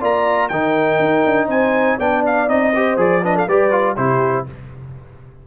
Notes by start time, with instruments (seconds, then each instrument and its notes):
0.00 tuba A#3, trombone F4, horn D5, trumpet A#5
0.48 tuba D#3, trombone D#4, horn A#4, trumpet G5
0.99 tuba D#4
1.26 tuba D4
1.47 tuba C4, horn C5, trumpet G#5
1.97 tuba B3, trombone D4, horn D5, trumpet G5
2.26 trumpet F5
2.48 tuba C4, trombone D#4, trumpet D#5
2.75 trombone G4, horn C5
2.96 tuba F3, trombone G#4, trumpet D5
3.23 trombone D4, horn B4, trumpet D#5
3.35 horn A4, trumpet F5
3.47 tuba G3, trombone G4, horn B4, trumpet D5
3.71 trombone F4
3.96 tuba C3, trombone E4, horn G4, trumpet C5